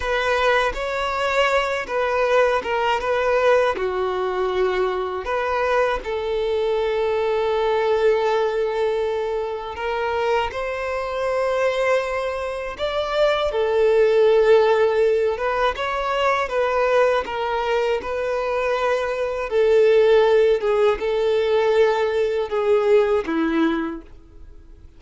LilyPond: \new Staff \with { instrumentName = "violin" } { \time 4/4 \tempo 4 = 80 b'4 cis''4. b'4 ais'8 | b'4 fis'2 b'4 | a'1~ | a'4 ais'4 c''2~ |
c''4 d''4 a'2~ | a'8 b'8 cis''4 b'4 ais'4 | b'2 a'4. gis'8 | a'2 gis'4 e'4 | }